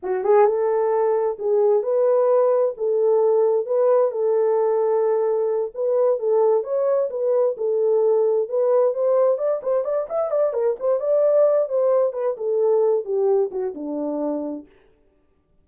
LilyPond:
\new Staff \with { instrumentName = "horn" } { \time 4/4 \tempo 4 = 131 fis'8 gis'8 a'2 gis'4 | b'2 a'2 | b'4 a'2.~ | a'8 b'4 a'4 cis''4 b'8~ |
b'8 a'2 b'4 c''8~ | c''8 d''8 c''8 d''8 e''8 d''8 ais'8 c''8 | d''4. c''4 b'8 a'4~ | a'8 g'4 fis'8 d'2 | }